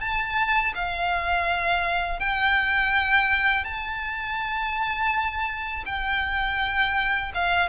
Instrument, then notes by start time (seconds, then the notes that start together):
violin
0.00 A5
0.75 F5
2.20 G5
3.64 A5
5.86 G5
7.34 F5